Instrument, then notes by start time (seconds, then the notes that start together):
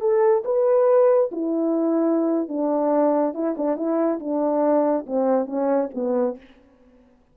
horn
0.00 A4
0.44 B4
1.31 E4
2.48 D4
3.34 E4
3.57 D4
3.76 E4
4.19 D4
5.06 C4
5.46 C#4
5.94 B3